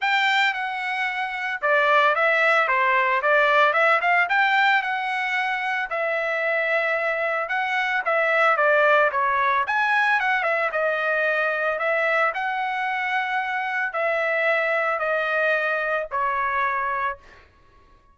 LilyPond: \new Staff \with { instrumentName = "trumpet" } { \time 4/4 \tempo 4 = 112 g''4 fis''2 d''4 | e''4 c''4 d''4 e''8 f''8 | g''4 fis''2 e''4~ | e''2 fis''4 e''4 |
d''4 cis''4 gis''4 fis''8 e''8 | dis''2 e''4 fis''4~ | fis''2 e''2 | dis''2 cis''2 | }